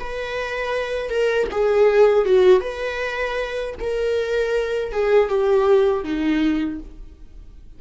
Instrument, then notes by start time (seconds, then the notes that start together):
viola
0.00 B4
1.10 A#4
1.52 G#4
2.25 F#4
2.61 B4
3.80 A#4
4.92 G#4
5.29 G4
6.04 D#4